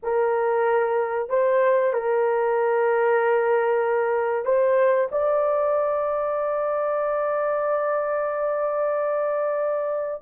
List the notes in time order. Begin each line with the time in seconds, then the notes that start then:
0.03 A#4
1.29 C5
1.93 A#4
4.45 C5
5.11 D5